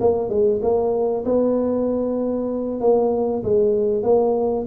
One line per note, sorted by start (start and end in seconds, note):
0.00 0.29 A#3
0.29 0.60 G#3
0.62 1.24 A#3
1.25 2.80 B3
2.80 3.43 A#3
3.43 4.03 G#3
4.03 4.65 A#3